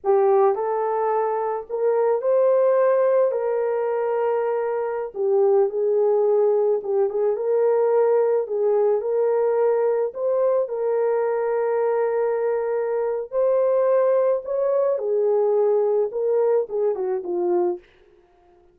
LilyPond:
\new Staff \with { instrumentName = "horn" } { \time 4/4 \tempo 4 = 108 g'4 a'2 ais'4 | c''2 ais'2~ | ais'4~ ais'16 g'4 gis'4.~ gis'16~ | gis'16 g'8 gis'8 ais'2 gis'8.~ |
gis'16 ais'2 c''4 ais'8.~ | ais'1 | c''2 cis''4 gis'4~ | gis'4 ais'4 gis'8 fis'8 f'4 | }